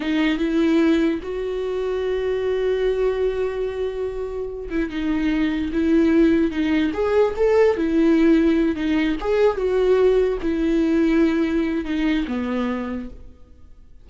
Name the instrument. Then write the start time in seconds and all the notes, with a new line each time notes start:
viola
0.00 D#4
0.38 E4
1.22 F#4
4.69 E4
4.89 D#4
5.73 E4
6.51 D#4
6.93 G#4
7.36 A4
7.77 E4
8.75 D#4
9.20 G#4
9.56 F#4
10.42 E4
11.84 D#4
12.27 B3